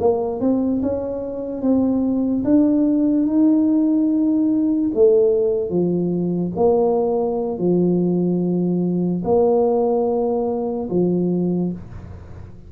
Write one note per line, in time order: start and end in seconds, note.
0.00 0.40 A#3
0.40 0.81 C4
0.83 1.62 C#4
1.62 2.44 C4
2.45 3.27 D4
3.27 4.91 D#4
4.94 5.70 A3
5.70 6.52 F3
6.56 7.58 A#3
7.58 9.23 F3
9.25 10.89 A#3
10.90 11.72 F3